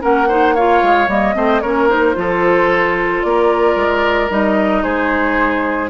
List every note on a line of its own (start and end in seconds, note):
0.00 0.82 A#3
0.00 0.27 C#4
0.00 0.28 A#4
0.00 0.55 F#5
0.28 0.56 D#4
0.28 0.55 C5
0.55 1.08 F4
0.55 1.35 C#5
0.55 1.09 F5
0.82 1.08 G#3
1.08 1.34 G3
1.08 1.34 A#3
1.08 1.61 D#5
1.34 1.62 A3
1.34 1.61 C4
1.34 1.62 C5
1.61 2.16 A#3
1.61 1.89 C#4
1.61 2.15 A#4
1.61 1.88 C#5
1.89 2.14 D#4
1.89 3.22 C5
2.14 3.23 F3
2.14 4.29 F4
2.14 3.26 A4
3.22 3.76 A#3
3.22 4.83 A#4
3.22 4.29 D5
3.76 4.29 G#3
4.30 4.84 G3
4.30 5.90 D#4
4.30 4.83 D#5
4.83 5.90 G#3
4.83 5.90 G#4
4.83 5.90 C5